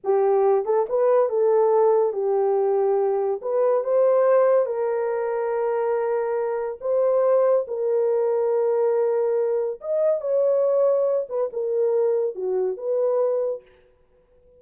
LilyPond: \new Staff \with { instrumentName = "horn" } { \time 4/4 \tempo 4 = 141 g'4. a'8 b'4 a'4~ | a'4 g'2. | b'4 c''2 ais'4~ | ais'1 |
c''2 ais'2~ | ais'2. dis''4 | cis''2~ cis''8 b'8 ais'4~ | ais'4 fis'4 b'2 | }